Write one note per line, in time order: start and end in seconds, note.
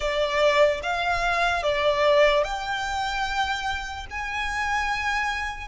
0.00 0.80 D5
0.82 1.62 F5
1.62 2.43 D5
2.44 4.06 G5
4.10 5.68 G#5